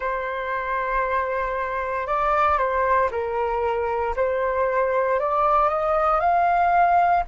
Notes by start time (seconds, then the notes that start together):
0.00 C5
2.06 D5
2.58 C5
3.11 A#4
4.16 C5
5.20 D5
5.68 D#5
6.20 F5